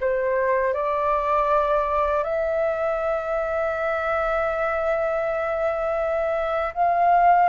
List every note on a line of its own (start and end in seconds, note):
0.00 0.73 C5
0.73 2.23 D5
2.23 6.73 E5
6.74 7.49 F5